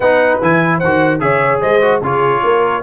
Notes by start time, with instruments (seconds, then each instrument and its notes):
0.00 tuba B3, trombone D#4, horn B4, trumpet F#5
0.41 tuba E3, trombone E4, trumpet G#5
0.78 tuba D#3, horn C5, trumpet F#5
0.84 trombone F#4
1.20 tuba C#3, trombone G#4, horn C#5, trumpet E5
1.61 tuba G#3, horn C5, trumpet D#5
1.81 trombone F#4
2.01 tuba C#3, trombone F4, horn G#4, trumpet C#5
2.43 tuba A#3, horn A#4